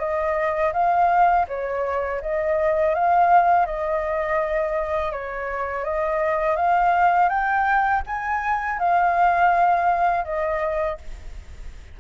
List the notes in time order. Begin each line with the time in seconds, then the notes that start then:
0.00 D#5
0.73 F5
1.48 C#5
2.22 D#5
2.95 F5
3.66 D#5
5.12 C#5
5.85 D#5
6.57 F5
7.29 G5
8.07 G#5
8.79 F5
10.25 D#5